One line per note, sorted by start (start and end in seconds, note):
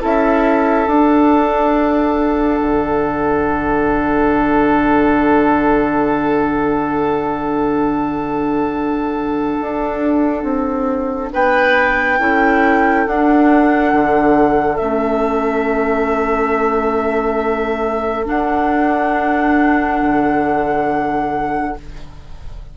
0.00 0.87 C#4
0.00 0.87 E4
0.00 11.32 A4
0.00 0.91 E5
0.87 2.61 D4
0.87 12.20 D4
0.87 11.33 F#5
2.62 9.58 D3
9.61 10.43 D4
10.43 11.30 C4
11.33 12.19 B3
11.33 12.19 B4
11.33 13.07 G5
12.19 13.06 C#4
12.19 13.07 E4
12.19 21.76 A4
13.07 13.93 D4
13.07 14.80 D4
13.07 14.77 F#5
13.93 14.80 D3
14.77 18.29 A3
14.77 18.25 C#4
14.77 18.24 E5
18.25 21.73 D4
18.25 20.02 D4
18.25 21.77 F#5
20.02 21.76 D3